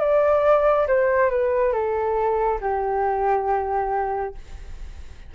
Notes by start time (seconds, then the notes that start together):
0.00 D5
0.87 C5
1.30 B4
1.72 A4
2.60 G4